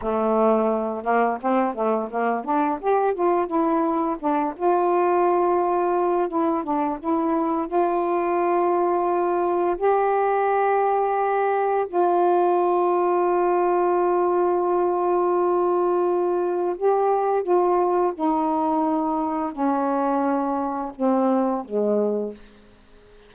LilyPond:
\new Staff \with { instrumentName = "saxophone" } { \time 4/4 \tempo 4 = 86 a4. ais8 c'8 a8 ais8 d'8 | g'8 f'8 e'4 d'8 f'4.~ | f'4 e'8 d'8 e'4 f'4~ | f'2 g'2~ |
g'4 f'2.~ | f'1 | g'4 f'4 dis'2 | cis'2 c'4 gis4 | }